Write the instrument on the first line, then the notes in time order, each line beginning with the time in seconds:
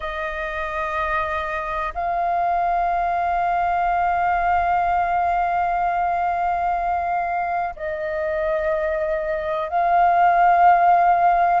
flute
0.00 D#5
1.94 F5
7.76 D#5
9.69 F5